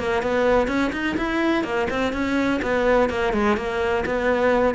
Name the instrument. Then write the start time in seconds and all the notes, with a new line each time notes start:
cello
0.00 A#3
0.23 B3
0.68 C#4
0.93 D#4
1.18 E4
1.65 A#3
1.90 C4
2.13 C#4
2.63 B3
3.10 A#3
3.34 G#3
3.57 A#3
4.06 B3